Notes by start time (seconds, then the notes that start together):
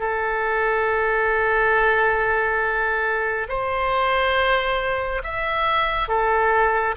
0.00 A4
3.49 C5
5.24 E5
6.08 A4